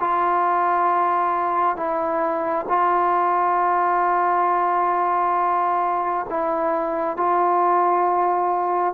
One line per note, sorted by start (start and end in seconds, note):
0.00 1.76 F4
1.76 2.66 E4
2.68 6.26 F4
6.30 7.17 E4
7.17 8.94 F4